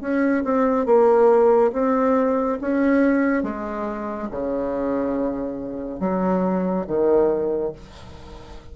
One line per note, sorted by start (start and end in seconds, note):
0.00 0.43 C#4
0.44 0.85 C4
0.85 1.71 A#3
1.72 2.58 C4
2.61 3.42 C#4
3.42 4.28 G#3
4.31 6.00 C#3
6.00 6.85 F#3
6.86 7.72 D#3